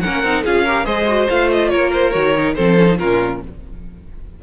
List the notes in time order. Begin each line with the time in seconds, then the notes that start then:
0.00 A#3 C#4 A#4 F#5
0.22 C4 D#4
0.43 C#4 F4 G#4 F5
0.64 G4 A#4
0.84 G#3 G#4 C5 D#5
1.07 F#4
1.29 A3 F4 F5
1.51 D#5
1.69 A#3 A#4 C#5
1.92 C5
2.11 D#3 F#4 C#5
2.37 D#4
2.55 F3 C4 A4 C5
2.78 C#4
2.86 D#4
2.98 A#2 C#4 F4 A#4